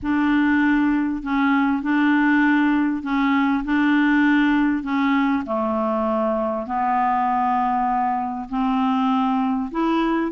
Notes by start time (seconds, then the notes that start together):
0.02 D4
1.23 C#4
1.82 D4
3.02 C#4
3.64 D4
4.83 C#4
5.45 A3
6.66 B3
8.49 C4
9.71 E4